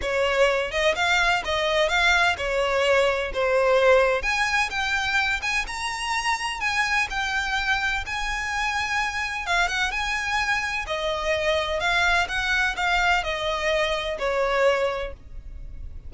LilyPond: \new Staff \with { instrumentName = "violin" } { \time 4/4 \tempo 4 = 127 cis''4. dis''8 f''4 dis''4 | f''4 cis''2 c''4~ | c''4 gis''4 g''4. gis''8 | ais''2 gis''4 g''4~ |
g''4 gis''2. | f''8 fis''8 gis''2 dis''4~ | dis''4 f''4 fis''4 f''4 | dis''2 cis''2 | }